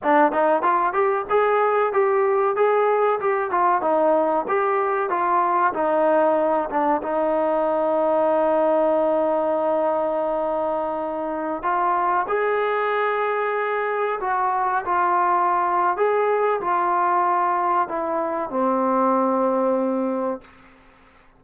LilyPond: \new Staff \with { instrumentName = "trombone" } { \time 4/4 \tempo 4 = 94 d'8 dis'8 f'8 g'8 gis'4 g'4 | gis'4 g'8 f'8 dis'4 g'4 | f'4 dis'4. d'8 dis'4~ | dis'1~ |
dis'2~ dis'16 f'4 gis'8.~ | gis'2~ gis'16 fis'4 f'8.~ | f'4 gis'4 f'2 | e'4 c'2. | }